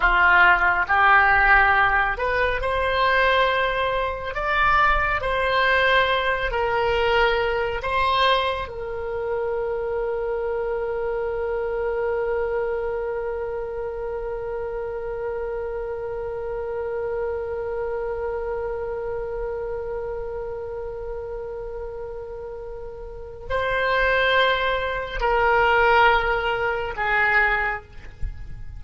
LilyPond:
\new Staff \with { instrumentName = "oboe" } { \time 4/4 \tempo 4 = 69 f'4 g'4. b'8 c''4~ | c''4 d''4 c''4. ais'8~ | ais'4 c''4 ais'2~ | ais'1~ |
ais'1~ | ais'1~ | ais'2. c''4~ | c''4 ais'2 gis'4 | }